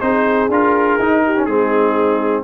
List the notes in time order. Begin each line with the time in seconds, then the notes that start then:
0.00 C4 D#4 G#4 C5
0.48 D4 F4 A#4
0.98 D#4
1.25 G4
1.36 C#4
1.45 G#3 C4 D#4 G#4